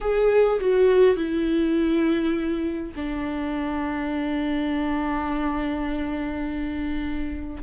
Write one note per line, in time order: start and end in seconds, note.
0.00 0.59 G#4
0.60 1.16 F#4
1.16 2.92 E4
2.95 7.63 D4